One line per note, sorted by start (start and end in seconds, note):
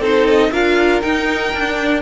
0.00 0.50 C4
0.00 0.53 D#4
0.00 0.51 A4
0.00 0.28 C5
0.28 0.53 D#5
0.52 1.02 D4
0.52 1.02 F4
0.52 2.03 A#4
0.52 1.02 F5
1.02 1.52 D#4
1.02 1.53 D#4
1.02 2.02 G5
1.52 2.03 D4